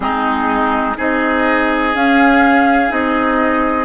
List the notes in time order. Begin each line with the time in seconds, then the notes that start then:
0.00 G#3 C4 D#4 G#4
0.97 C4 D#4 G#4 D#5
1.94 C#4 F5
2.88 C4 D#4 D#5